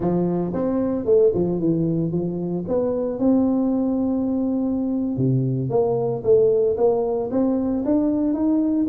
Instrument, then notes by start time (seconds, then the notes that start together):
tuba
0.00 F3
0.53 C4
1.05 A3
1.34 F3
1.59 E3
2.11 F3
2.67 B3
3.19 C4
5.16 C3
5.69 A#3
6.23 A3
6.77 A#3
7.30 C4
7.85 D4
8.33 D#4